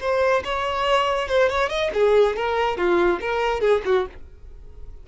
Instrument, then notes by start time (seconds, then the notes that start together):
violin
0.00 C5
0.44 C#5
1.28 C5
1.49 C#5
1.69 D#5
1.93 G#4
2.36 A#4
2.77 F4
3.20 A#4
3.60 G#4
3.85 F#4